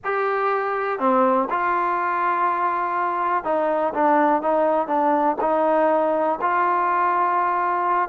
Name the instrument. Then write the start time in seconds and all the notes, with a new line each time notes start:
trombone
0.04 G4
0.99 C4
1.50 F4
3.44 D#4
3.93 D4
4.42 D#4
4.87 D4
5.41 D#4
6.41 F4